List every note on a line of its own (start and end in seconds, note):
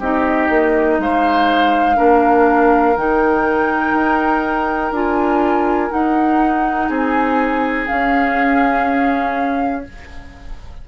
0.00 0.49 C4
0.00 1.96 D#4
0.00 0.98 G4
0.00 1.00 D#5
0.50 0.99 A#3
0.99 1.98 G#3
0.99 1.97 C5
0.99 2.97 F5
1.96 2.97 A#3
1.96 2.95 D4
1.96 6.89 A#4
2.97 3.94 D#3
2.97 4.94 D#4
2.97 4.94 G5
3.94 4.92 D#4
4.92 5.90 D4
4.92 5.90 F4
4.92 5.92 G#5
5.90 7.87 D#4
5.90 6.89 D#4
5.90 6.90 F#5
6.89 7.88 C4
6.89 9.84 G#4
6.89 7.88 G#5
7.88 9.84 C#4
7.88 9.89 C#4
7.88 9.84 F5